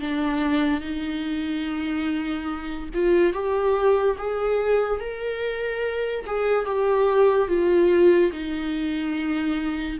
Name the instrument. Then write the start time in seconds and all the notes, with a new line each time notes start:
viola
0.00 D4
0.81 D#4
2.94 F4
3.33 G4
4.18 G#4
5.00 A#4
6.27 G#4
6.66 G4
7.48 F4
8.32 D#4